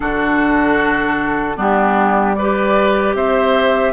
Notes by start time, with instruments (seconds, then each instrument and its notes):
0.00 bassoon D3, clarinet D4, oboe F#4, flute A4
1.56 bassoon G3, clarinet B3, oboe D4, flute G4
2.35 oboe B4, flute D5
2.41 clarinet G4
3.14 bassoon C4, oboe C5, flute E5